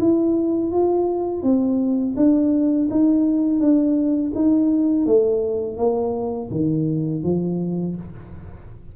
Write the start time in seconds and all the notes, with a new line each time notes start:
0.00 E4
0.72 F4
1.44 C4
2.17 D4
2.91 D#4
3.60 D4
4.35 D#4
5.07 A3
5.78 A#3
6.51 D#3
7.24 F3